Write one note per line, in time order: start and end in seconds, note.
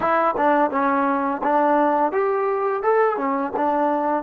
0.00 0.34 E4
0.37 0.71 D4
0.71 1.41 C#4
1.43 2.12 D4
2.12 2.82 G4
2.82 3.17 A4
3.17 3.52 C#4
3.56 4.23 D4